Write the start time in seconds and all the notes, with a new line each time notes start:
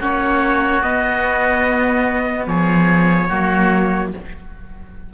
0.00 A#3 C#4 F#4 C#5
0.82 B3 D#5
2.46 F3 G#4 C#5
3.29 F#3 A#3 F#4